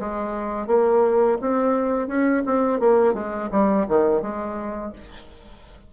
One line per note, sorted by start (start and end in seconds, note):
0.00 0.67 G#3
0.67 1.38 A#3
1.41 2.08 C4
2.08 2.43 C#4
2.46 2.80 C4
2.80 3.14 A#3
3.14 3.49 G#3
3.52 3.87 G3
3.89 4.22 D#3
4.22 4.93 G#3